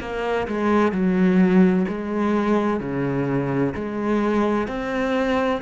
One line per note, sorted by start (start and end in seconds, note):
0.00 0.47 A#3
0.47 0.92 G#3
0.92 1.85 F#3
1.88 2.80 G#3
2.80 3.74 C#3
3.74 4.67 G#3
4.67 5.61 C4